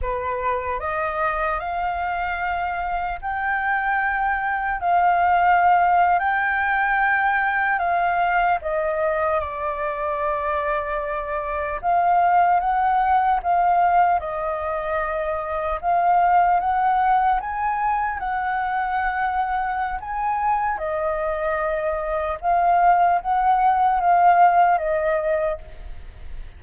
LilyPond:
\new Staff \with { instrumentName = "flute" } { \time 4/4 \tempo 4 = 75 b'4 dis''4 f''2 | g''2 f''4.~ f''16 g''16~ | g''4.~ g''16 f''4 dis''4 d''16~ | d''2~ d''8. f''4 fis''16~ |
fis''8. f''4 dis''2 f''16~ | f''8. fis''4 gis''4 fis''4~ fis''16~ | fis''4 gis''4 dis''2 | f''4 fis''4 f''4 dis''4 | }